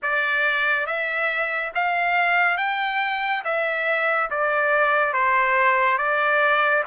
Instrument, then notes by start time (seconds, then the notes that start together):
trumpet
0.02 D5
0.86 E5
1.75 F5
2.57 G5
3.44 E5
4.30 D5
5.13 C5
5.98 D5